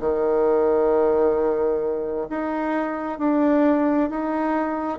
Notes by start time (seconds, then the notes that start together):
0.00 D#3
2.29 D#4
3.18 D4
4.10 D#4